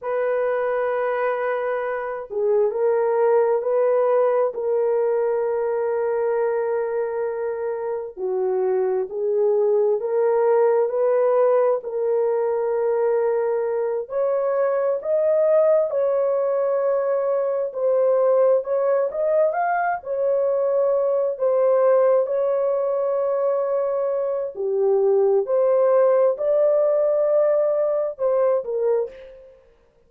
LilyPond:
\new Staff \with { instrumentName = "horn" } { \time 4/4 \tempo 4 = 66 b'2~ b'8 gis'8 ais'4 | b'4 ais'2.~ | ais'4 fis'4 gis'4 ais'4 | b'4 ais'2~ ais'8 cis''8~ |
cis''8 dis''4 cis''2 c''8~ | c''8 cis''8 dis''8 f''8 cis''4. c''8~ | c''8 cis''2~ cis''8 g'4 | c''4 d''2 c''8 ais'8 | }